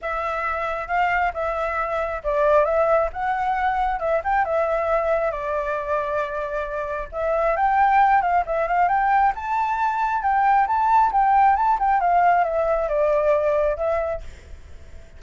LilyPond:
\new Staff \with { instrumentName = "flute" } { \time 4/4 \tempo 4 = 135 e''2 f''4 e''4~ | e''4 d''4 e''4 fis''4~ | fis''4 e''8 g''8 e''2 | d''1 |
e''4 g''4. f''8 e''8 f''8 | g''4 a''2 g''4 | a''4 g''4 a''8 g''8 f''4 | e''4 d''2 e''4 | }